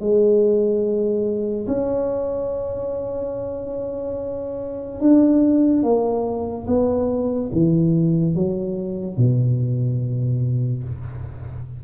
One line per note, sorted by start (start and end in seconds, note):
0.00 1.67 G#3
1.67 5.00 C#4
5.00 5.83 D4
5.83 6.66 A#3
6.67 7.50 B3
7.52 8.35 E3
8.35 9.17 F#3
9.17 10.84 B2